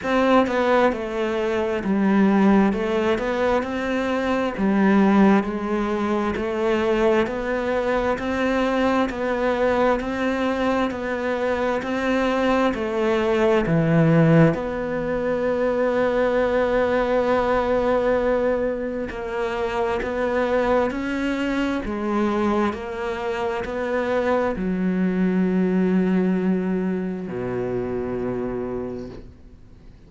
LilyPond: \new Staff \with { instrumentName = "cello" } { \time 4/4 \tempo 4 = 66 c'8 b8 a4 g4 a8 b8 | c'4 g4 gis4 a4 | b4 c'4 b4 c'4 | b4 c'4 a4 e4 |
b1~ | b4 ais4 b4 cis'4 | gis4 ais4 b4 fis4~ | fis2 b,2 | }